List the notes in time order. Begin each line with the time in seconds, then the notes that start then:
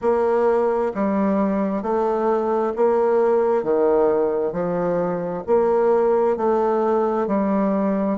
0.01 A#3
0.94 G3
1.82 A3
2.76 A#3
3.63 D#3
4.52 F3
5.46 A#3
6.36 A3
7.27 G3